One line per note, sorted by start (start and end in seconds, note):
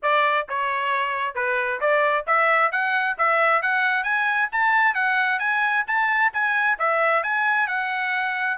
0.02 0.47 D5
0.48 1.35 C#5
1.35 1.80 B4
1.80 2.25 D5
2.27 2.71 E5
2.71 3.16 F#5
3.18 3.62 E5
3.62 4.03 F#5
4.03 4.48 G#5
4.52 4.94 A5
4.94 5.39 F#5
5.39 5.84 G#5
5.87 6.32 A5
6.33 6.78 G#5
6.79 7.23 E5
7.23 7.67 G#5
7.67 8.57 F#5